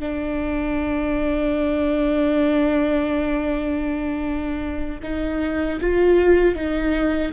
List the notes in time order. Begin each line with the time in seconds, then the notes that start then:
0.00 D4
5.03 D#4
5.81 F4
6.56 D#4